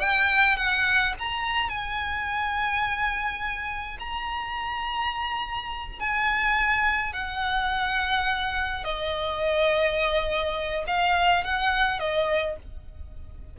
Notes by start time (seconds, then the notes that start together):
0.00 G5
0.57 F#5
1.19 A#5
1.69 G#5
3.99 A#5
5.99 G#5
7.13 F#5
8.84 D#5
10.87 F5
11.44 F#5
11.99 D#5